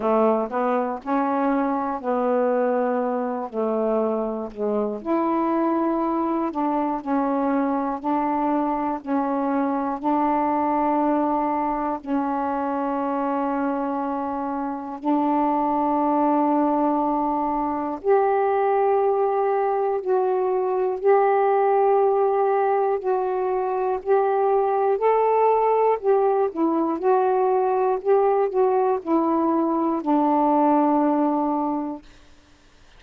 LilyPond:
\new Staff \with { instrumentName = "saxophone" } { \time 4/4 \tempo 4 = 60 a8 b8 cis'4 b4. a8~ | a8 gis8 e'4. d'8 cis'4 | d'4 cis'4 d'2 | cis'2. d'4~ |
d'2 g'2 | fis'4 g'2 fis'4 | g'4 a'4 g'8 e'8 fis'4 | g'8 fis'8 e'4 d'2 | }